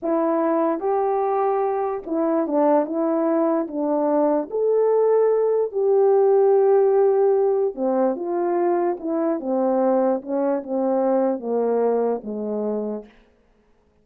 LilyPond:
\new Staff \with { instrumentName = "horn" } { \time 4/4 \tempo 4 = 147 e'2 g'2~ | g'4 e'4 d'4 e'4~ | e'4 d'2 a'4~ | a'2 g'2~ |
g'2. c'4 | f'2 e'4 c'4~ | c'4 cis'4 c'2 | ais2 gis2 | }